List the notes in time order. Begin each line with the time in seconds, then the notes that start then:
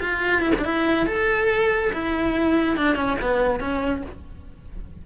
0.00 F4
0.42 E4
0.58 D4
0.64 E4
1.06 A4
1.93 E4
2.77 D4
2.96 C#4
3.21 B3
3.60 C#4